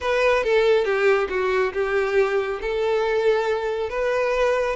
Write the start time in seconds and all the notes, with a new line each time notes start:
0.00 B4
0.43 A4
0.84 G4
1.29 F#4
1.73 G4
2.61 A4
3.89 B4